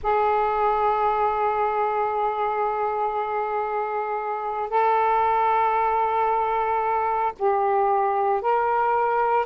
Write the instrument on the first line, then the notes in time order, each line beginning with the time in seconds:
saxophone
0.03 G#4
4.69 A4
7.39 G4
8.41 A#4